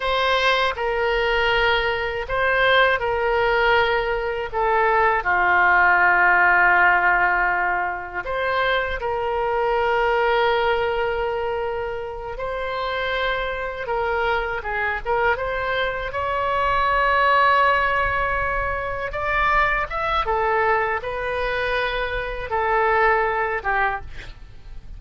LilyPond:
\new Staff \with { instrumentName = "oboe" } { \time 4/4 \tempo 4 = 80 c''4 ais'2 c''4 | ais'2 a'4 f'4~ | f'2. c''4 | ais'1~ |
ais'8 c''2 ais'4 gis'8 | ais'8 c''4 cis''2~ cis''8~ | cis''4. d''4 e''8 a'4 | b'2 a'4. g'8 | }